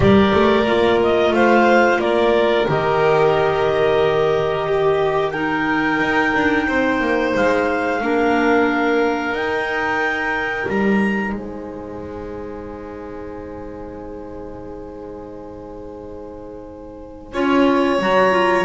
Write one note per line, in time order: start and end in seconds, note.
0.00 0.32 G3
0.00 0.65 G4
0.00 1.34 A#4
0.00 1.01 D5
0.33 0.65 A3
0.65 1.31 A#3
0.65 2.67 F4
1.02 1.34 D#5
1.31 1.97 A3
1.31 2.00 C5
1.31 2.00 F5
1.99 2.65 A#3
1.99 4.67 A#4
1.99 2.67 D5
2.67 5.99 D#3
2.67 5.33 G4
2.67 5.30 D#5
4.67 5.33 G4
5.30 7.99 D#4
5.30 6.66 A#4
5.30 7.30 G5
5.99 6.33 D#4
6.34 6.67 D4
6.67 7.01 C4
6.67 8.01 C5
7.01 7.34 A#3
7.34 8.01 G#3
7.34 9.35 F5
8.01 9.32 A#3
8.01 9.34 D4
8.01 11.36 A#4
9.32 10.65 D#4
9.32 17.33 D#4
9.32 10.68 G5
10.68 11.32 G3
10.68 11.32 A#5
11.32 17.32 G#3
11.32 17.33 C5
11.32 17.99 G#5
17.32 17.98 C#4
17.32 18.00 F4
17.32 18.64 C#5
17.98 18.64 F#3
17.98 18.31 F#4
17.98 18.64 A#5
18.31 18.64 F4